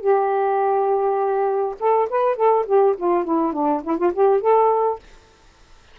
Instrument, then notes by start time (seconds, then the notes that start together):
saxophone
0.00 G4
1.79 A4
2.09 B4
2.36 A4
2.66 G4
2.97 F4
3.24 E4
3.52 D4
3.83 E4
3.97 F4
4.13 G4
4.41 A4